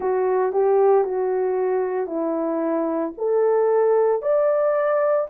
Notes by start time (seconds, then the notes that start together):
0.00 F#4
0.52 G4
1.04 F#4
2.07 E4
3.17 A4
4.22 D5